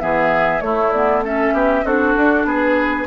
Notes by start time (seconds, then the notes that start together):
0.00 E3 B3 G#4 E5
0.61 A3 E4 C#5
0.92 B3 D5
1.25 C#4 A4 E5
1.53 B3 G4
1.85 C4 D4 F#4 A4
2.17 D4
2.45 B3 G#4 B4